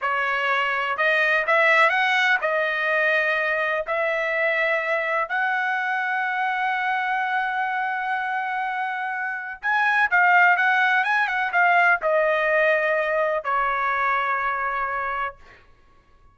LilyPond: \new Staff \with { instrumentName = "trumpet" } { \time 4/4 \tempo 4 = 125 cis''2 dis''4 e''4 | fis''4 dis''2. | e''2. fis''4~ | fis''1~ |
fis''1 | gis''4 f''4 fis''4 gis''8 fis''8 | f''4 dis''2. | cis''1 | }